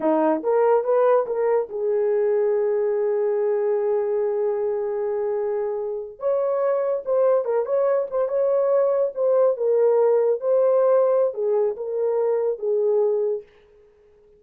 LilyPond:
\new Staff \with { instrumentName = "horn" } { \time 4/4 \tempo 4 = 143 dis'4 ais'4 b'4 ais'4 | gis'1~ | gis'1~ | gis'2~ gis'8. cis''4~ cis''16~ |
cis''8. c''4 ais'8 cis''4 c''8 cis''16~ | cis''4.~ cis''16 c''4 ais'4~ ais'16~ | ais'8. c''2~ c''16 gis'4 | ais'2 gis'2 | }